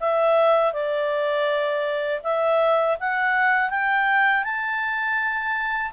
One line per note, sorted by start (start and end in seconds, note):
0.00 0.73 E5
0.73 2.21 D5
2.23 2.97 E5
3.00 3.69 F#5
3.69 4.43 G5
4.43 5.92 A5